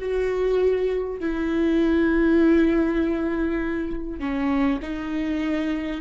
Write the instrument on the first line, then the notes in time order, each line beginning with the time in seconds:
viola
0.00 F#4
1.19 E4
4.20 C#4
4.82 D#4